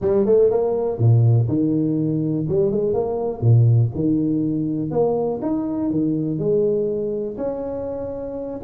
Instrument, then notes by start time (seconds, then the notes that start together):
tuba
0.01 G3
0.25 A3
0.50 A#3
0.98 A#2
1.48 D#3
2.48 G3
2.71 G#3
2.93 A#3
3.40 A#2
3.94 D#3
4.90 A#3
5.42 D#4
5.90 D#3
6.38 G#3
7.37 C#4